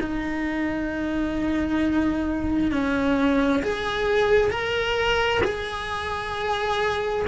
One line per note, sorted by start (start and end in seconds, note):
0.00 2.71 D#4
2.71 3.62 C#4
3.63 4.50 G#4
4.50 5.41 A#4
5.44 7.26 G#4